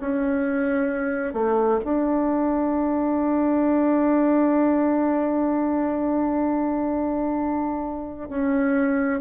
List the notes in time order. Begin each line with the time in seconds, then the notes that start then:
0.00 C#4
1.33 A3
1.84 D4
8.29 C#4